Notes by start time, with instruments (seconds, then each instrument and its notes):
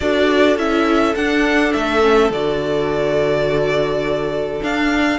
0.00 cello D4, viola F#4, violin A4 D5
0.56 cello C#4, viola E4, violin E5
1.15 cello D4, viola D4, violin F#5
1.72 cello A3, violin E5
2.01 viola C#4
2.30 cello D3, viola F#4, violin D5
4.61 viola D4, cello D4, violin F5